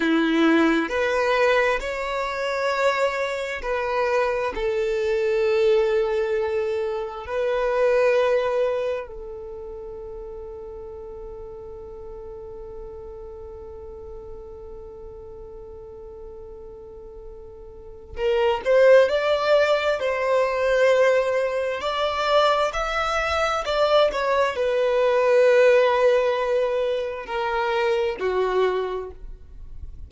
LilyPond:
\new Staff \with { instrumentName = "violin" } { \time 4/4 \tempo 4 = 66 e'4 b'4 cis''2 | b'4 a'2. | b'2 a'2~ | a'1~ |
a'1 | ais'8 c''8 d''4 c''2 | d''4 e''4 d''8 cis''8 b'4~ | b'2 ais'4 fis'4 | }